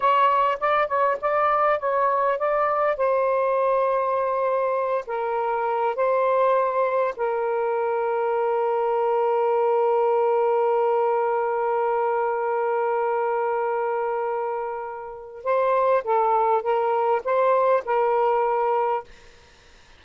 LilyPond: \new Staff \with { instrumentName = "saxophone" } { \time 4/4 \tempo 4 = 101 cis''4 d''8 cis''8 d''4 cis''4 | d''4 c''2.~ | c''8 ais'4. c''2 | ais'1~ |
ais'1~ | ais'1~ | ais'2 c''4 a'4 | ais'4 c''4 ais'2 | }